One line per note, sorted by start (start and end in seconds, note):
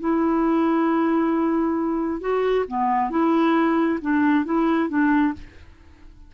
0.00 2.21 E4
2.21 2.65 F#4
2.68 3.10 B3
3.10 3.99 E4
4.01 4.45 D4
4.45 4.89 E4
4.89 5.34 D4